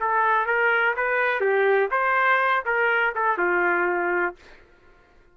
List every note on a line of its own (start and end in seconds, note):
0.00 0.46 A4
0.46 0.95 A#4
0.96 1.41 B4
1.41 1.89 G4
1.91 2.64 C5
2.66 3.14 A#4
3.15 3.38 A4
3.38 4.35 F4